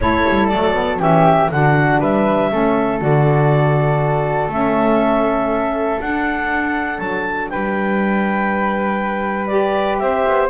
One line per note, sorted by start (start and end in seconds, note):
0.00 0.26 A3
0.00 0.51 E4
0.00 0.99 A4
0.00 0.47 C#5
0.28 0.52 G3
0.47 0.99 F#3
0.47 0.73 A3
0.47 0.97 D5
0.73 0.98 B3
0.98 1.49 E3
0.98 1.48 C#4
0.98 1.49 G4
0.98 1.51 E5
1.51 2.00 D3
1.51 2.51 D4
1.51 2.00 F#4
1.51 2.01 F#5
2.00 2.50 G3
2.00 2.50 B4
2.00 3.01 E5
2.51 3.01 A3
2.51 2.99 C#4
2.51 7.51 A4
2.99 4.48 D3
2.99 4.49 F#4
2.99 4.51 D5
4.48 5.98 A3
4.48 5.98 C#4
4.48 6.00 E5
5.98 9.48 D4
5.98 6.99 D4
5.98 6.98 F#5
6.98 7.49 F#3
6.98 7.48 A5
7.49 10.00 G3
7.49 10.01 B4
7.49 9.46 G5
9.46 10.48 G4
9.46 9.96 D5
9.98 10.25 C4
9.98 10.49 C5
9.98 10.48 E5
10.27 10.49 B3